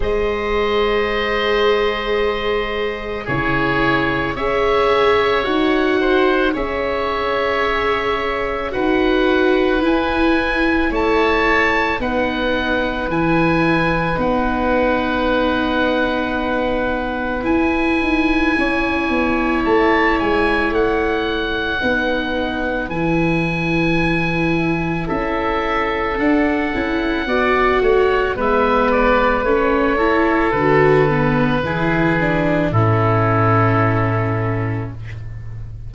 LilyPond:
<<
  \new Staff \with { instrumentName = "oboe" } { \time 4/4 \tempo 4 = 55 dis''2. cis''4 | e''4 fis''4 e''2 | fis''4 gis''4 a''4 fis''4 | gis''4 fis''2. |
gis''2 a''8 gis''8 fis''4~ | fis''4 gis''2 e''4 | fis''2 e''8 d''8 cis''4 | b'2 a'2 | }
  \new Staff \with { instrumentName = "oboe" } { \time 4/4 c''2. gis'4 | cis''4. c''8 cis''2 | b'2 cis''4 b'4~ | b'1~ |
b'4 cis''2. | b'2. a'4~ | a'4 d''8 cis''8 b'4. a'8~ | a'4 gis'4 e'2 | }
  \new Staff \with { instrumentName = "viola" } { \time 4/4 gis'2. e'4 | gis'4 fis'4 gis'2 | fis'4 e'2 dis'4 | e'4 dis'2. |
e'1 | dis'4 e'2. | d'8 e'8 fis'4 b4 cis'8 e'8 | fis'8 b8 e'8 d'8 cis'2 | }
  \new Staff \with { instrumentName = "tuba" } { \time 4/4 gis2. cis4 | cis'4 dis'4 cis'2 | dis'4 e'4 a4 b4 | e4 b2. |
e'8 dis'8 cis'8 b8 a8 gis8 a4 | b4 e2 cis'4 | d'8 cis'8 b8 a8 gis4 a4 | d4 e4 a,2 | }
>>